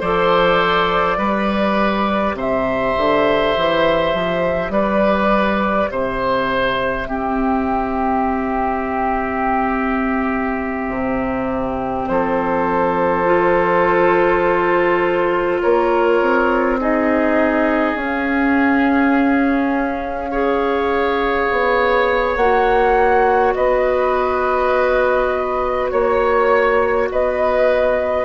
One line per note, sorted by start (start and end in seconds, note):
0.00 1.17 F3
0.00 1.16 A4
0.00 1.18 C5
0.00 2.36 D5
1.16 2.34 G3
1.16 7.04 G4
1.16 2.35 B4
2.34 2.93 C3
2.34 4.72 C5
2.34 4.73 E5
2.97 3.55 D3
3.56 4.13 E3
4.13 4.69 F3
4.69 5.87 G3
4.69 5.90 B4
4.69 5.90 D5
5.90 7.06 C3
5.90 7.08 C5
5.90 12.07 E5
7.06 10.88 C4
7.06 13.25 C4
7.06 12.08 G4
10.88 12.06 C3
12.07 15.61 F3
12.07 15.62 A4
12.07 15.60 C5
13.25 16.78 F4
15.60 16.21 A#3
15.60 16.79 A#4
15.60 16.78 C#5
16.21 17.94 C4
16.79 17.97 D#4
16.79 20.30 G#4
16.79 17.97 D#5
17.94 21.47 C#4
17.94 20.32 C#4
17.94 22.35 F5
20.30 22.37 G#4
20.30 23.54 C#5
21.50 22.36 B3
22.35 23.54 A#3
22.35 28.25 F#4
22.35 23.53 F#5
23.54 25.92 B3
23.54 25.91 B4
23.54 25.89 D#5
25.90 27.10 A#3
25.90 27.08 C#5
27.10 28.25 B3
27.10 28.25 B4
27.10 28.25 D#5